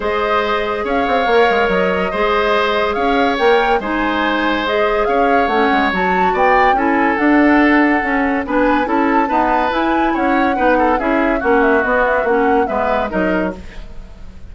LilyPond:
<<
  \new Staff \with { instrumentName = "flute" } { \time 4/4 \tempo 4 = 142 dis''2 f''2 | dis''2. f''4 | g''4 gis''2 dis''4 | f''4 fis''4 a''4 g''4 |
gis''4 fis''2. | gis''4 a''2 gis''4 | fis''2 e''4 fis''8 e''8 | dis''8 e''8 fis''4 e''4 dis''4 | }
  \new Staff \with { instrumentName = "oboe" } { \time 4/4 c''2 cis''2~ | cis''4 c''2 cis''4~ | cis''4 c''2. | cis''2. d''4 |
a'1 | b'4 a'4 b'2 | cis''4 b'8 a'8 gis'4 fis'4~ | fis'2 b'4 ais'4 | }
  \new Staff \with { instrumentName = "clarinet" } { \time 4/4 gis'2. ais'4~ | ais'4 gis'2. | ais'4 dis'2 gis'4~ | gis'4 cis'4 fis'2 |
e'4 d'2 cis'4 | d'4 e'4 b4 e'4~ | e'4 dis'4 e'4 cis'4 | b4 cis'4 b4 dis'4 | }
  \new Staff \with { instrumentName = "bassoon" } { \time 4/4 gis2 cis'8 c'8 ais8 gis8 | fis4 gis2 cis'4 | ais4 gis2. | cis'4 a8 gis8 fis4 b4 |
cis'4 d'2 cis'4 | b4 cis'4 dis'4 e'4 | cis'4 b4 cis'4 ais4 | b4 ais4 gis4 fis4 | }
>>